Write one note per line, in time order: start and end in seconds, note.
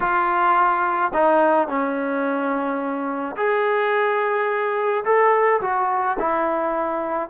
0.00 1.12 F4
1.13 1.67 D#4
1.67 3.36 C#4
3.36 5.04 G#4
5.04 5.60 A4
5.61 6.17 F#4
6.19 7.29 E4